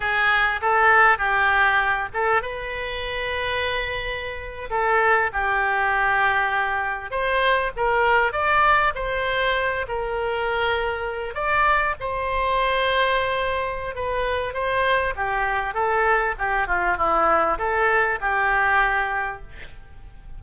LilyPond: \new Staff \with { instrumentName = "oboe" } { \time 4/4 \tempo 4 = 99 gis'4 a'4 g'4. a'8 | b'2.~ b'8. a'16~ | a'8. g'2. c''16~ | c''8. ais'4 d''4 c''4~ c''16~ |
c''16 ais'2~ ais'8 d''4 c''16~ | c''2. b'4 | c''4 g'4 a'4 g'8 f'8 | e'4 a'4 g'2 | }